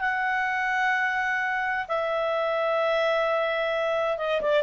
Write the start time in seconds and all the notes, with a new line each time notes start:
0.00 F#5
1.88 E5
4.17 D#5
4.41 D5